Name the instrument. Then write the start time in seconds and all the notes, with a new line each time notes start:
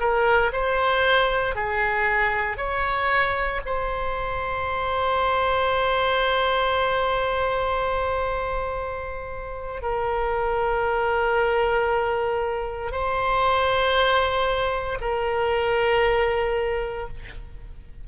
oboe
0.00 A#4
0.52 C5
1.55 G#4
2.58 C#5
3.66 C5
9.82 A#4
12.92 C5
15.01 A#4